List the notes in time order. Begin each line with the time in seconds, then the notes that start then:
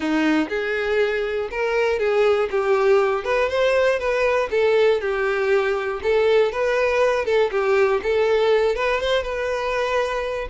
0.00 D#4
0.49 G#4
1.50 A#4
1.99 G#4
2.50 G4
3.24 B4
3.49 C5
3.99 B4
4.50 A4
5.00 G4
6.02 A4
6.51 B4
7.25 A4
7.51 G4
8.02 A4
8.75 B4
9.00 C5
9.22 B4